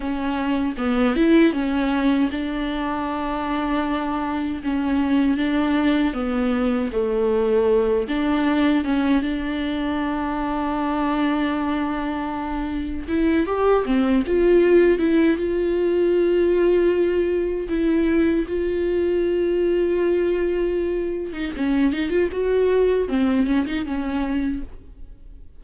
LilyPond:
\new Staff \with { instrumentName = "viola" } { \time 4/4 \tempo 4 = 78 cis'4 b8 e'8 cis'4 d'4~ | d'2 cis'4 d'4 | b4 a4. d'4 cis'8 | d'1~ |
d'4 e'8 g'8 c'8 f'4 e'8 | f'2. e'4 | f'2.~ f'8. dis'16 | cis'8 dis'16 f'16 fis'4 c'8 cis'16 dis'16 cis'4 | }